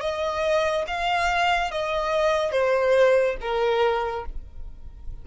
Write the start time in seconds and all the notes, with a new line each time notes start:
0.00 D#5
0.87 F5
1.71 D#5
2.52 C5
3.41 A#4